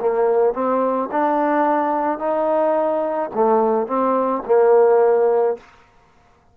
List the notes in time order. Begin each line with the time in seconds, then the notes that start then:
0.00 A#3
0.54 C4
1.11 D4
2.19 D#4
3.34 A3
3.87 C4
4.46 A#3